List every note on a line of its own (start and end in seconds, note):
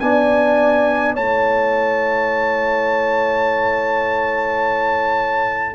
0.00 1.17 B3
0.00 1.16 D4
0.00 1.14 D5
0.00 1.15 G#5
1.14 5.75 A3
1.14 5.75 E4
1.14 5.75 C#5
1.14 5.75 A5